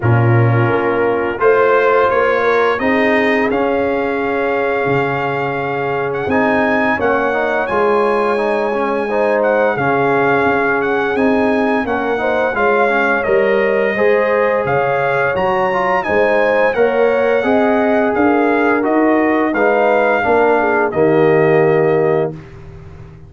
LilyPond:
<<
  \new Staff \with { instrumentName = "trumpet" } { \time 4/4 \tempo 4 = 86 ais'2 c''4 cis''4 | dis''4 f''2.~ | f''8. fis''16 gis''4 fis''4 gis''4~ | gis''4. fis''8 f''4. fis''8 |
gis''4 fis''4 f''4 dis''4~ | dis''4 f''4 ais''4 gis''4 | fis''2 f''4 dis''4 | f''2 dis''2 | }
  \new Staff \with { instrumentName = "horn" } { \time 4/4 f'2 c''4. ais'8 | gis'1~ | gis'2 cis''2~ | cis''4 c''4 gis'2~ |
gis'4 ais'8 c''8 cis''2 | c''4 cis''2 c''4 | cis''4 dis''4 ais'2 | b'4 ais'8 gis'8 g'2 | }
  \new Staff \with { instrumentName = "trombone" } { \time 4/4 cis'2 f'2 | dis'4 cis'2.~ | cis'4 dis'4 cis'8 dis'8 f'4 | dis'8 cis'8 dis'4 cis'2 |
dis'4 cis'8 dis'8 f'8 cis'8 ais'4 | gis'2 fis'8 f'8 dis'4 | ais'4 gis'2 fis'4 | dis'4 d'4 ais2 | }
  \new Staff \with { instrumentName = "tuba" } { \time 4/4 ais,4 ais4 a4 ais4 | c'4 cis'2 cis4~ | cis4 c'4 ais4 gis4~ | gis2 cis4 cis'4 |
c'4 ais4 gis4 g4 | gis4 cis4 fis4 gis4 | ais4 c'4 d'4 dis'4 | gis4 ais4 dis2 | }
>>